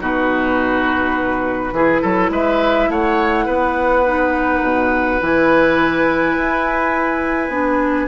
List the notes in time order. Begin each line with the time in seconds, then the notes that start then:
0.00 B2 D#4 F#4 B4
1.72 E3 E4 G#4
2.01 F#3 A4
2.30 G#3 B4 E5
2.89 A3 C#5 F#5
3.45 B3 B4
4.06 D#4
4.62 B2
5.21 E3 E4 G#5
6.37 E4
7.49 B3 D4